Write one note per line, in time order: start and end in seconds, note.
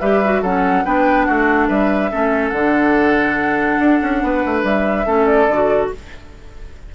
0.00 0.42 G3
0.00 0.23 G4
0.00 0.42 B4
0.00 0.42 E5
0.25 0.45 F#4
0.42 0.85 F#3
0.42 0.85 C#4
0.42 0.84 A4
0.42 0.85 F#5
0.85 1.28 B3
0.85 2.11 D4
0.85 1.27 B4
0.85 1.25 G5
1.25 1.69 A3
1.25 1.68 F#4
1.25 1.67 F#5
1.68 2.11 G3
1.68 2.10 B4
1.68 2.49 E5
2.11 2.52 A3
2.11 2.54 C#4
2.11 4.23 A4
2.49 3.79 D3
2.49 4.60 F#5
2.56 5.06 D4
3.79 4.00 D4
4.02 4.23 C#4
4.23 4.44 B3
4.23 5.07 B4
4.45 4.63 A3
4.63 5.06 G3
4.63 5.26 E5
5.06 5.48 A3
5.06 5.49 C#4
5.06 5.91 A4
5.26 5.89 D5
5.48 5.90 D3
5.48 5.95 F#4